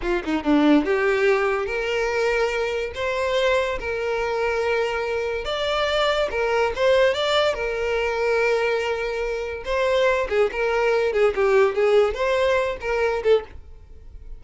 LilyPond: \new Staff \with { instrumentName = "violin" } { \time 4/4 \tempo 4 = 143 f'8 dis'8 d'4 g'2 | ais'2. c''4~ | c''4 ais'2.~ | ais'4 d''2 ais'4 |
c''4 d''4 ais'2~ | ais'2. c''4~ | c''8 gis'8 ais'4. gis'8 g'4 | gis'4 c''4. ais'4 a'8 | }